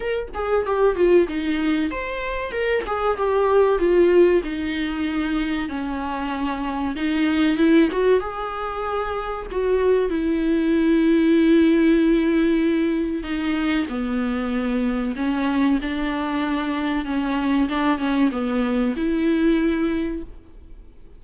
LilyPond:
\new Staff \with { instrumentName = "viola" } { \time 4/4 \tempo 4 = 95 ais'8 gis'8 g'8 f'8 dis'4 c''4 | ais'8 gis'8 g'4 f'4 dis'4~ | dis'4 cis'2 dis'4 | e'8 fis'8 gis'2 fis'4 |
e'1~ | e'4 dis'4 b2 | cis'4 d'2 cis'4 | d'8 cis'8 b4 e'2 | }